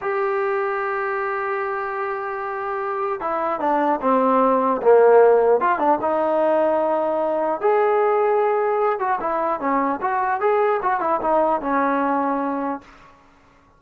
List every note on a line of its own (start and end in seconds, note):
0.01 3.20 G4
3.20 3.60 E4
3.60 4.00 D4
4.01 4.81 C4
4.82 5.60 A#3
5.60 5.78 F4
5.78 5.98 D4
6.01 7.60 D#4
7.60 8.99 G#4
8.99 9.19 F#4
9.20 9.59 E4
9.59 9.99 C#4
10.01 10.40 F#4
10.40 10.80 G#4
10.82 11.00 F#4
11.00 11.20 E4
11.21 11.61 D#4
11.61 12.81 C#4